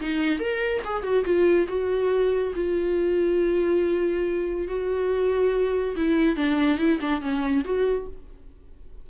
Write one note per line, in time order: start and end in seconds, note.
0.00 0.39 D#4
0.39 0.82 A#4
0.85 1.03 G#4
1.03 1.24 F#4
1.25 1.67 F4
1.68 2.53 F#4
2.55 4.68 F4
4.68 5.96 F#4
5.96 6.36 E4
6.36 6.78 D4
6.78 6.99 E4
7.01 7.22 D4
7.22 7.64 C#4
7.65 8.07 F#4